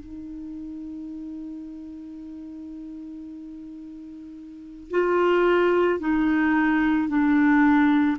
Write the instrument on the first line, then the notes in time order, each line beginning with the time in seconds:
clarinet
0.00 D#4
4.91 F4
6.00 D#4
7.09 D4